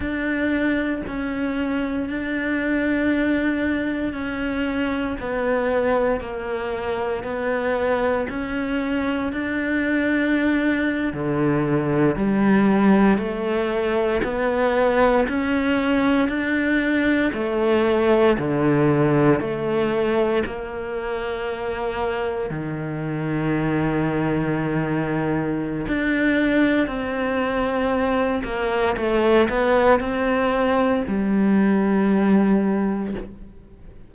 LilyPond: \new Staff \with { instrumentName = "cello" } { \time 4/4 \tempo 4 = 58 d'4 cis'4 d'2 | cis'4 b4 ais4 b4 | cis'4 d'4.~ d'16 d4 g16~ | g8. a4 b4 cis'4 d'16~ |
d'8. a4 d4 a4 ais16~ | ais4.~ ais16 dis2~ dis16~ | dis4 d'4 c'4. ais8 | a8 b8 c'4 g2 | }